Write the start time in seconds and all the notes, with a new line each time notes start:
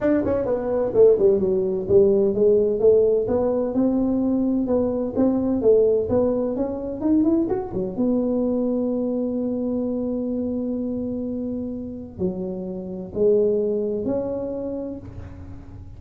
0.00 D4
0.24 C#4
0.45 B3
0.94 A3
1.18 G3
1.39 F#3
1.88 G3
2.34 G#3
2.79 A3
3.27 B3
3.74 C4
4.66 B3
5.16 C4
5.61 A3
6.09 B3
6.56 C#4
7.01 D#4
7.23 E4
7.49 F#4
7.73 F#3
7.96 B3
12.18 F#3
13.14 G#3
14.05 C#4